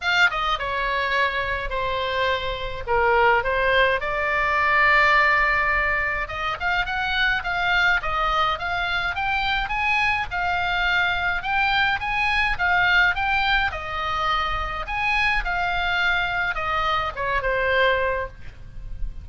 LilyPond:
\new Staff \with { instrumentName = "oboe" } { \time 4/4 \tempo 4 = 105 f''8 dis''8 cis''2 c''4~ | c''4 ais'4 c''4 d''4~ | d''2. dis''8 f''8 | fis''4 f''4 dis''4 f''4 |
g''4 gis''4 f''2 | g''4 gis''4 f''4 g''4 | dis''2 gis''4 f''4~ | f''4 dis''4 cis''8 c''4. | }